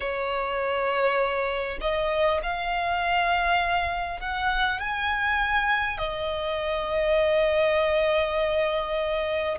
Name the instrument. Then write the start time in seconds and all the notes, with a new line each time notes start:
violin
0.00 C#5
1.80 D#5
2.42 F5
4.19 F#5
4.80 G#5
5.97 D#5